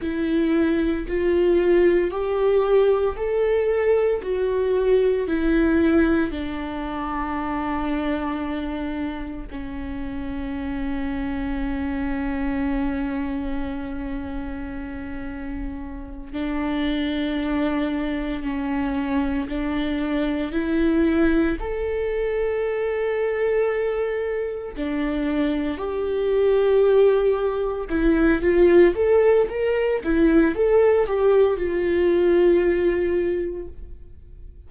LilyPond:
\new Staff \with { instrumentName = "viola" } { \time 4/4 \tempo 4 = 57 e'4 f'4 g'4 a'4 | fis'4 e'4 d'2~ | d'4 cis'2.~ | cis'2.~ cis'8 d'8~ |
d'4. cis'4 d'4 e'8~ | e'8 a'2. d'8~ | d'8 g'2 e'8 f'8 a'8 | ais'8 e'8 a'8 g'8 f'2 | }